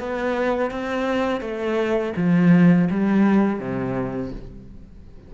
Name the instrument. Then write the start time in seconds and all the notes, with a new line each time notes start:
cello
0.00 B3
0.71 C4
1.41 A3
2.17 F3
2.91 G3
3.60 C3